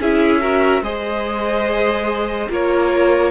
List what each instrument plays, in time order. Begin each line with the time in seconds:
0.00 cello C#4, viola E4, violin G#4 E5
0.41 viola F#4, violin A#4
0.82 cello G#3, viola G#4, violin C5 D#5
2.49 cello A#3, viola F4, violin A#4 C#5